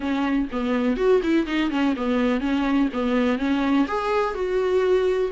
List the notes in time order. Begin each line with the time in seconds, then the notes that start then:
0.00 C#4
0.51 B3
0.97 F#4
1.22 E4
1.46 D#4
1.70 C#4
1.96 B3
2.40 C#4
2.93 B3
3.38 C#4
3.87 G#4
4.34 F#4